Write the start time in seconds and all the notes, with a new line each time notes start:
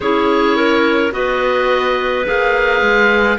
0.00 C#4 E4 G#4 C#5
0.56 A#4
1.11 B3 F#4 B4 D#5
2.25 A#3 G#4 F5
2.81 G#3